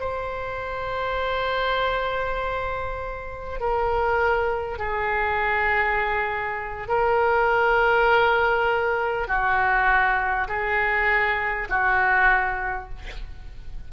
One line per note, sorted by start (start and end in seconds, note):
0.00 3.60 C5
3.60 4.78 A#4
4.78 6.88 G#4
6.88 9.28 A#4
9.28 10.48 F#4
10.48 11.68 G#4
11.69 12.89 F#4